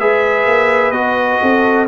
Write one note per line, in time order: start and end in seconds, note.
0.00 0.46 G#3
0.00 0.94 G#4
0.00 1.41 B4
0.00 0.92 E5
0.46 0.92 A#3
0.92 1.39 B3
0.92 1.87 F#4
0.92 1.86 D#5
1.42 1.88 C4
1.42 1.88 A4